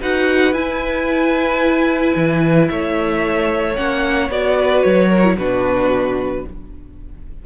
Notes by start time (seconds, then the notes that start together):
0.00 D#4 F#4 B4 F#5
0.53 E4 G#5
2.15 E3
2.68 A3 C#5 E5
3.75 A#3 C#4 F#5
4.29 B3 F#4 D5
4.59 B4
4.82 F#3 C#5
5.08 A#4
5.23 E4
5.37 B2 D4 F#4 B4